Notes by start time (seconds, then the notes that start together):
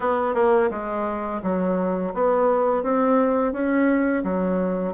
0.00 B3
0.34 A#3
0.70 G#3
1.42 F#3
2.14 B3
2.83 C4
3.52 C#4
4.23 F#3